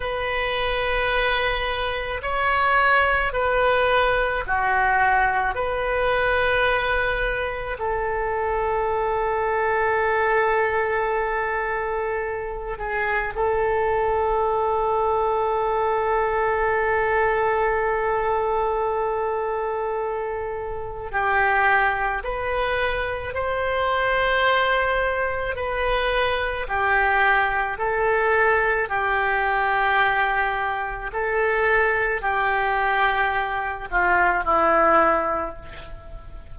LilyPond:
\new Staff \with { instrumentName = "oboe" } { \time 4/4 \tempo 4 = 54 b'2 cis''4 b'4 | fis'4 b'2 a'4~ | a'2.~ a'8 gis'8 | a'1~ |
a'2. g'4 | b'4 c''2 b'4 | g'4 a'4 g'2 | a'4 g'4. f'8 e'4 | }